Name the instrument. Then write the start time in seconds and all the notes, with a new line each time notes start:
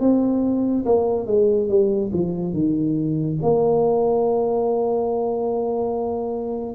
tuba
0.00 C4
0.85 A#3
1.26 G#3
1.69 G3
2.13 F3
2.54 D#3
3.42 A#3